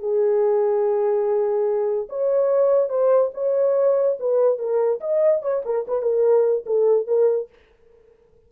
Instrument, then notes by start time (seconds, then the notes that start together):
horn
0.00 G#4
2.09 C#5
2.89 C5
3.34 C#5
4.20 B4
4.59 A#4
5.01 D#5
5.42 C#5
5.66 A#4
5.88 B4
6.02 A#4
6.66 A4
7.08 A#4